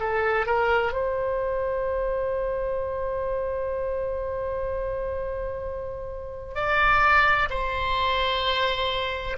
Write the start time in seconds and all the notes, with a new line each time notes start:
0.00 A4
0.46 A#4
0.93 C5
6.55 D5
7.50 C5